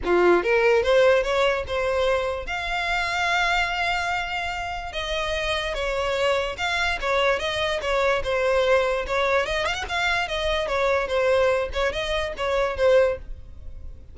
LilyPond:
\new Staff \with { instrumentName = "violin" } { \time 4/4 \tempo 4 = 146 f'4 ais'4 c''4 cis''4 | c''2 f''2~ | f''1 | dis''2 cis''2 |
f''4 cis''4 dis''4 cis''4 | c''2 cis''4 dis''8 f''16 fis''16 | f''4 dis''4 cis''4 c''4~ | c''8 cis''8 dis''4 cis''4 c''4 | }